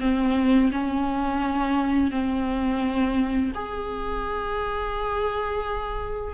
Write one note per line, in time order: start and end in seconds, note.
0.00 0.71 C4
0.72 2.10 C#4
2.10 3.52 C4
3.54 6.34 G#4